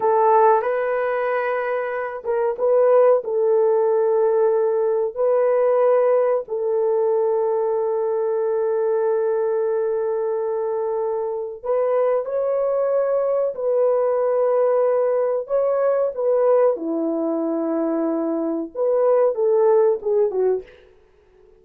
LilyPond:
\new Staff \with { instrumentName = "horn" } { \time 4/4 \tempo 4 = 93 a'4 b'2~ b'8 ais'8 | b'4 a'2. | b'2 a'2~ | a'1~ |
a'2 b'4 cis''4~ | cis''4 b'2. | cis''4 b'4 e'2~ | e'4 b'4 a'4 gis'8 fis'8 | }